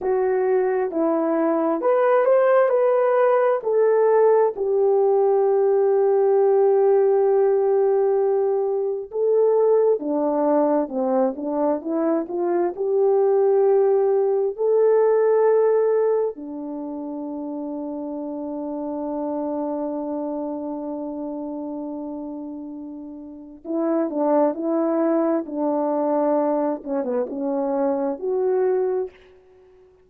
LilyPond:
\new Staff \with { instrumentName = "horn" } { \time 4/4 \tempo 4 = 66 fis'4 e'4 b'8 c''8 b'4 | a'4 g'2.~ | g'2 a'4 d'4 | c'8 d'8 e'8 f'8 g'2 |
a'2 d'2~ | d'1~ | d'2 e'8 d'8 e'4 | d'4. cis'16 b16 cis'4 fis'4 | }